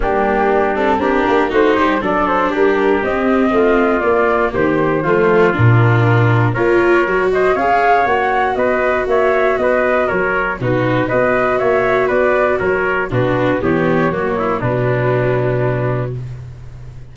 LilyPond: <<
  \new Staff \with { instrumentName = "flute" } { \time 4/4 \tempo 4 = 119 g'4. a'8 ais'4 c''4 | d''8 c''8 ais'4 dis''2 | d''4 c''2 ais'4~ | ais'4 cis''4. dis''8 f''4 |
fis''4 dis''4 e''4 dis''4 | cis''4 b'4 dis''4 e''4 | d''4 cis''4 b'4 cis''4~ | cis''4 b'2. | }
  \new Staff \with { instrumentName = "trumpet" } { \time 4/4 d'2 g'4 fis'8 g'8 | a'4 g'2 f'4~ | f'4 g'4 f'2~ | f'4 ais'4. c''8 cis''4~ |
cis''4 b'4 cis''4 b'4 | ais'4 fis'4 b'4 cis''4 | b'4 ais'4 fis'4 g'4 | fis'8 e'8 d'2. | }
  \new Staff \with { instrumentName = "viola" } { \time 4/4 ais4. c'8 d'4 dis'4 | d'2 c'2 | ais2 a4 d'4~ | d'4 f'4 fis'4 gis'4 |
fis'1~ | fis'4 dis'4 fis'2~ | fis'2 d'4 b4 | ais4 fis2. | }
  \new Staff \with { instrumentName = "tuba" } { \time 4/4 g2 c'8 ais8 a8 g8 | fis4 g4 c'4 a4 | ais4 dis4 f4 ais,4~ | ais,4 ais4 fis4 cis'4 |
ais4 b4 ais4 b4 | fis4 b,4 b4 ais4 | b4 fis4 b,4 e4 | fis4 b,2. | }
>>